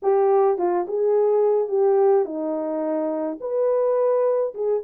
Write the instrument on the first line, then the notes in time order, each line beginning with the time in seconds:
horn
0.02 G4
0.57 F4
0.87 G#4
1.68 G4
2.25 D#4
3.40 B4
4.54 G#4